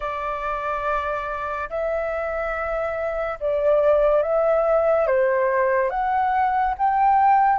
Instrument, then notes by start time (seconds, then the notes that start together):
flute
0.00 D5
1.69 E5
3.40 D5
4.22 E5
5.06 C5
5.89 F#5
6.78 G5